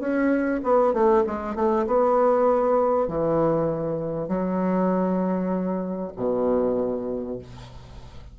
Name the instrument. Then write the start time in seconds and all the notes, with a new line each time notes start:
bassoon
0.00 C#4
0.63 B3
0.94 A3
1.27 G#3
1.56 A3
1.86 B3
3.08 E3
4.28 F#3
6.16 B2